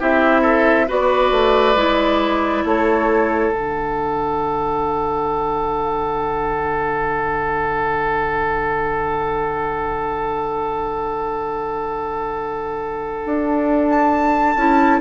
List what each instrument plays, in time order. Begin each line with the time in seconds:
0.00 bassoon C4, clarinet E4, oboe G4, flute E5
0.42 oboe A4
0.88 bassoon B3, clarinet F#4, oboe B4, flute D5
1.32 bassoon A3
1.76 bassoon G#3, clarinet E4
2.65 bassoon A3, oboe A4, flute C#5
3.51 bassoon D3, clarinet D4, flute F#5
13.26 bassoon D4
13.91 flute A5
14.56 bassoon C#4, clarinet E4